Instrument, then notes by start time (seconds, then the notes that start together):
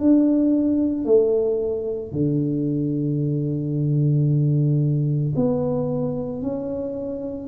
tuba
0.00 D4
1.05 A3
2.13 D3
5.36 B3
6.42 C#4